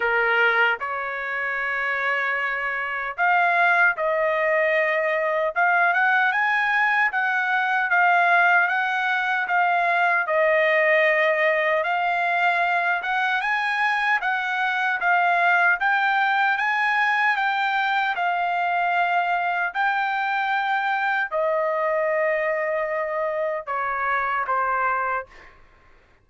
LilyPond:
\new Staff \with { instrumentName = "trumpet" } { \time 4/4 \tempo 4 = 76 ais'4 cis''2. | f''4 dis''2 f''8 fis''8 | gis''4 fis''4 f''4 fis''4 | f''4 dis''2 f''4~ |
f''8 fis''8 gis''4 fis''4 f''4 | g''4 gis''4 g''4 f''4~ | f''4 g''2 dis''4~ | dis''2 cis''4 c''4 | }